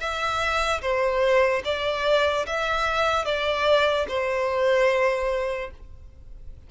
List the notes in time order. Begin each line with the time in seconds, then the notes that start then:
0.00 E5
0.81 C5
1.65 D5
2.46 E5
3.25 D5
4.08 C5